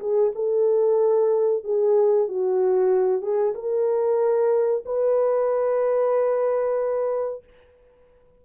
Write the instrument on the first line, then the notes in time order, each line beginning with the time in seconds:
horn
0.00 G#4
0.35 A4
1.64 G#4
2.28 F#4
3.22 G#4
3.55 A#4
4.86 B4